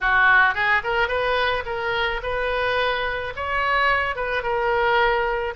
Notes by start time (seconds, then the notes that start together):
0.00 F#4
0.54 G#4
0.83 A#4
1.08 B4
1.65 A#4
2.22 B4
3.35 C#5
4.15 B4
4.43 A#4